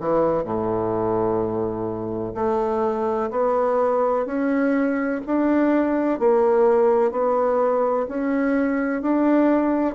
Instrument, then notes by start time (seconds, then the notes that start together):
bassoon
0.00 E3
0.43 A2
2.35 A3
3.30 B3
4.26 C#4
5.26 D4
6.19 A#3
7.11 B3
8.08 C#4
9.02 D4